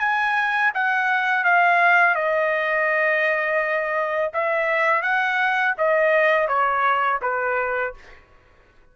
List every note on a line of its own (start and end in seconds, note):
0.00 0.72 G#5
0.75 1.45 F#5
1.45 2.16 F5
2.16 4.32 D#5
4.34 5.03 E5
5.03 5.75 F#5
5.78 6.49 D#5
6.49 7.21 C#5
7.23 7.95 B4